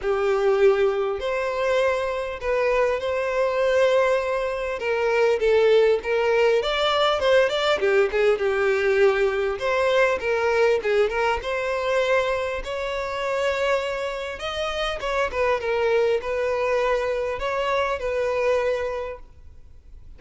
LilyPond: \new Staff \with { instrumentName = "violin" } { \time 4/4 \tempo 4 = 100 g'2 c''2 | b'4 c''2. | ais'4 a'4 ais'4 d''4 | c''8 d''8 g'8 gis'8 g'2 |
c''4 ais'4 gis'8 ais'8 c''4~ | c''4 cis''2. | dis''4 cis''8 b'8 ais'4 b'4~ | b'4 cis''4 b'2 | }